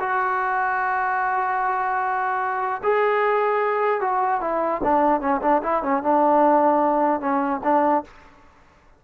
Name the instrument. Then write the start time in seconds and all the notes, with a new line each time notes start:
trombone
0.00 F#4
2.84 G#4
4.01 F#4
4.41 E4
4.84 D4
5.21 C#4
5.42 D4
5.63 E4
5.83 C#4
6.03 D4
7.21 C#4
7.64 D4